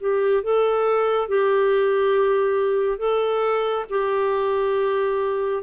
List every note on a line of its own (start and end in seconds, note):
0.00 0.43 G4
0.43 1.28 A4
1.28 2.98 G4
2.98 3.85 A4
3.90 5.63 G4